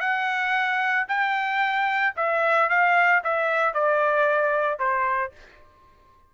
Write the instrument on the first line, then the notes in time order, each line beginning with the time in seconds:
trumpet
0.00 F#5
1.08 G5
2.16 E5
2.69 F5
3.24 E5
3.74 D5
4.79 C5